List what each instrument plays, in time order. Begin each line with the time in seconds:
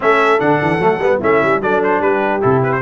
0.00 tuba A3, trombone C#4, horn A4, trumpet E5
0.39 tuba D3, trombone D4, trumpet F#5
0.61 tuba E3
0.79 tuba F#3, trombone A3
0.99 tuba G3, trombone B3
1.19 tuba A3, trombone C#4, horn E4, trumpet E5
1.42 tuba G3
1.61 tuba F#3, trombone D4, horn A4, trumpet D5
1.83 trumpet C5
2.00 tuba G3, horn G4, trumpet B4
2.40 tuba C3, trombone E4, trumpet A4
2.63 trumpet B4
2.72 trumpet C5